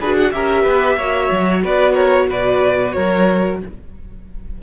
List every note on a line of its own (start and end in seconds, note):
0.00 0.33 D4
0.00 0.34 F#4
0.00 0.33 G#4
0.00 0.17 B4
0.17 0.32 F#5
0.32 0.66 C#4
0.32 0.99 G4
0.32 0.64 A#4
0.32 1.62 E5
0.64 0.97 B3
0.64 0.96 B4
0.97 1.30 A#3
0.97 3.62 F#4
0.97 1.63 C#5
1.32 1.64 F#3
1.64 2.30 B3
1.64 1.94 B4
1.64 1.95 D5
1.94 2.27 A#4
1.94 2.28 C#5
2.30 2.96 B2
2.30 2.95 B4
2.30 2.93 D5
2.93 3.63 F#3
2.93 3.61 A#4
2.93 3.58 C#5